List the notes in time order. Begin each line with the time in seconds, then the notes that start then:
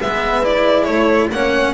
0.00 G#3 B3 B4 E5
0.42 E4 D5
0.84 A3 A4 C#5
1.30 A#3 C#4 C#5 F#5